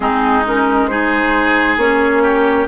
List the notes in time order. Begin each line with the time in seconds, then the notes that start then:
0.00 G#3 C4 D#4 G#4
0.46 C#4 A#4
0.87 D#4 G#4 C5
1.76 A#3 C#4 C#5
2.23 G4